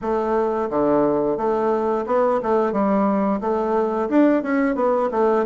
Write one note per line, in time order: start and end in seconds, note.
0.01 0.69 A3
0.70 1.37 D3
1.37 2.05 A3
2.06 2.40 B3
2.42 2.72 A3
2.72 3.40 G3
3.40 4.08 A3
4.09 4.42 D4
4.42 4.75 C#4
4.75 5.09 B3
5.11 5.45 A3